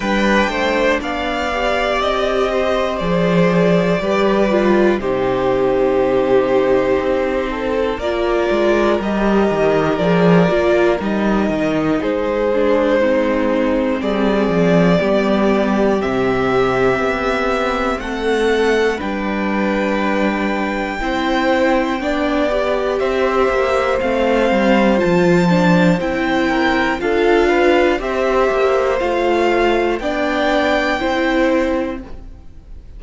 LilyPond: <<
  \new Staff \with { instrumentName = "violin" } { \time 4/4 \tempo 4 = 60 g''4 f''4 dis''4 d''4~ | d''4 c''2. | d''4 dis''4 d''4 dis''4 | c''2 d''2 |
e''2 fis''4 g''4~ | g''2. e''4 | f''4 a''4 g''4 f''4 | e''4 f''4 g''2 | }
  \new Staff \with { instrumentName = "violin" } { \time 4/4 b'8 c''8 d''4. c''4. | b'4 g'2~ g'8 a'8 | ais'1 | gis'4 dis'4 gis'4 g'4~ |
g'2 a'4 b'4~ | b'4 c''4 d''4 c''4~ | c''2~ c''8 ais'8 a'8 b'8 | c''2 d''4 c''4 | }
  \new Staff \with { instrumentName = "viola" } { \time 4/4 d'4. g'4. gis'4 | g'8 f'8 dis'2. | f'4 g'4 gis'8 f'8 dis'4~ | dis'8 d'8 c'2 b4 |
c'2. d'4~ | d'4 e'4 d'8 g'4. | c'4 f'8 d'8 e'4 f'4 | g'4 f'4 d'4 e'4 | }
  \new Staff \with { instrumentName = "cello" } { \time 4/4 g8 a8 b4 c'4 f4 | g4 c2 c'4 | ais8 gis8 g8 dis8 f8 ais8 g8 dis8 | gis2 g8 f8 g4 |
c4 b4 a4 g4~ | g4 c'4 b4 c'8 ais8 | a8 g8 f4 c'4 d'4 | c'8 ais8 a4 b4 c'4 | }
>>